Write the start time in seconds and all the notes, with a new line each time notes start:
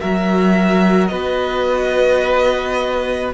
0.00 F#3 F#4 A#4 E5
1.08 B3 B4 D#5